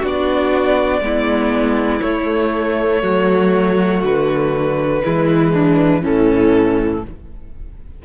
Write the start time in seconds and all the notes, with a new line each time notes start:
0.00 B3 D4 F#4
0.06 D5
1.01 G#3 B3 E4
2.01 A3 C#5
3.02 F#3 F#4
4.03 D3 B4
5.03 E3 G#3 E4
5.53 D4
6.02 A2 E3 C#4 A4